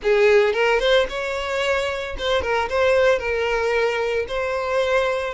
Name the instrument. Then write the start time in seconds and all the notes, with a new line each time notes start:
violin
0.02 G#4
0.53 A#4
0.79 C5
1.09 C#5
2.18 C5
2.42 A#4
2.69 C5
3.19 A#4
4.28 C5